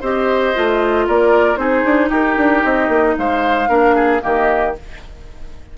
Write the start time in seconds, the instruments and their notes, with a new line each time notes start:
0.00 bassoon C4, clarinet G4, oboe C5, flute D#5
0.55 bassoon A3, clarinet F4
1.07 bassoon A#3, oboe A#4, flute D5
1.56 bassoon C4, clarinet D#4, oboe G#4, flute C5
1.84 bassoon D4
2.09 bassoon D#4, oboe G4, flute A#4
2.37 bassoon D4
2.63 bassoon C4, flute D#5
2.88 bassoon A#3
3.17 bassoon G#3, oboe C5, flute F5
3.68 bassoon A#3, clarinet D4, oboe A#4
3.95 oboe G#4
4.20 bassoon D#3, clarinet A#3, oboe G4, flute D#5